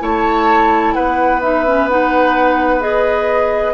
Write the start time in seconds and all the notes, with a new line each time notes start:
0.00 A3 E4 C#5 A5
0.93 B3 B4 F#5
1.41 D#4 E5
1.66 C#4
1.89 D#4 F#5
2.80 G#4 D#5